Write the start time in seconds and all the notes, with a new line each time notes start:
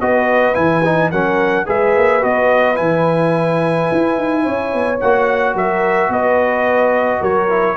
0.00 B3 F#4 B4 D#5
0.54 E3 E4 G#5
0.84 D#4
1.10 F#3 C#4 A#4 F#5
1.65 G#3 G#4 B4 E5
1.96 A#3
2.21 B3 F#4 D#5
2.75 E3 E4 G#5
3.92 E4
4.17 D#4
4.43 C#4 C#5
4.73 B3
5.00 A#3 F#4 F#5
5.54 F#3 A#4 E5
6.08 B3 B4 D#5
7.20 F#3 A#4 C#5
7.48 E4